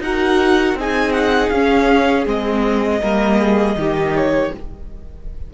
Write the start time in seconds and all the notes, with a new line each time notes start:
0.00 D#4 F#4 A#4 F#5
0.75 C4 D#4 G#4 G#5
1.12 F#5
1.50 C#4 F5
2.26 G#3 C4 D#5
3.01 G3 A#3 A#4
3.40 G#4
3.75 D#3 D#4 G4
4.16 C#5